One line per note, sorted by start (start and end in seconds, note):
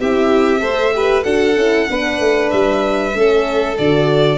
0.00 0.62 C4
0.00 0.60 E4
0.00 0.62 G4
0.00 1.24 E5
0.60 1.25 A3
0.60 0.91 A4
0.60 0.94 C5
0.94 1.24 G4
0.94 1.25 B4
1.24 1.57 D4
1.24 1.55 F#4
1.24 1.88 A4
1.24 2.50 F#5
1.57 1.88 C#4
1.57 1.89 E4
1.89 2.21 B3
1.89 3.14 D4
1.89 3.18 B4
2.21 2.52 A3
2.51 3.15 G3
2.51 3.77 E5
3.14 3.78 A3
3.14 3.77 C#4
3.14 4.39 A4
3.78 4.39 D3
3.78 4.39 F#4
3.78 4.39 D5